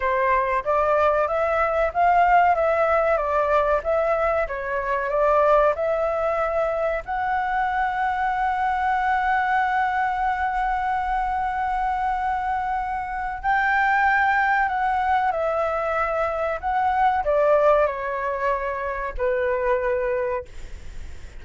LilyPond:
\new Staff \with { instrumentName = "flute" } { \time 4/4 \tempo 4 = 94 c''4 d''4 e''4 f''4 | e''4 d''4 e''4 cis''4 | d''4 e''2 fis''4~ | fis''1~ |
fis''1~ | fis''4 g''2 fis''4 | e''2 fis''4 d''4 | cis''2 b'2 | }